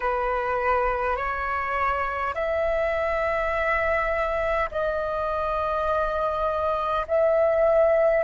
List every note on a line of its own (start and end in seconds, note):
0.00 1.16 B4
1.16 2.34 C#5
2.34 4.70 E5
4.71 7.06 D#5
7.07 8.24 E5